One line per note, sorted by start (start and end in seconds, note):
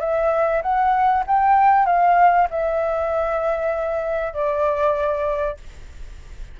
0.00 0.62 E5
0.62 1.24 F#5
1.27 1.86 G5
1.86 2.48 F5
2.51 4.34 E5
4.34 5.57 D5